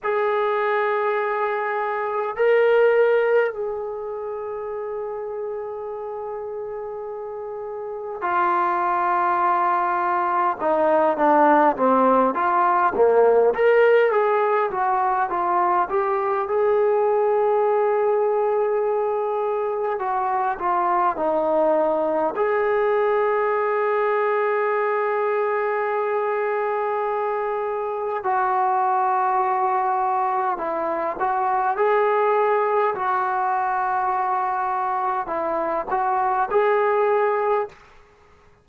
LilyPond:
\new Staff \with { instrumentName = "trombone" } { \time 4/4 \tempo 4 = 51 gis'2 ais'4 gis'4~ | gis'2. f'4~ | f'4 dis'8 d'8 c'8 f'8 ais8 ais'8 | gis'8 fis'8 f'8 g'8 gis'2~ |
gis'4 fis'8 f'8 dis'4 gis'4~ | gis'1 | fis'2 e'8 fis'8 gis'4 | fis'2 e'8 fis'8 gis'4 | }